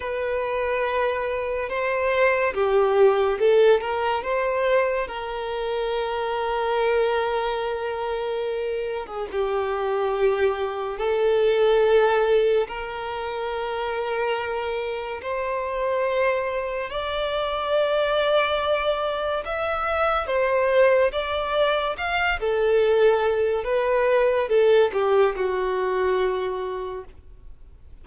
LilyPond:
\new Staff \with { instrumentName = "violin" } { \time 4/4 \tempo 4 = 71 b'2 c''4 g'4 | a'8 ais'8 c''4 ais'2~ | ais'2~ ais'8. gis'16 g'4~ | g'4 a'2 ais'4~ |
ais'2 c''2 | d''2. e''4 | c''4 d''4 f''8 a'4. | b'4 a'8 g'8 fis'2 | }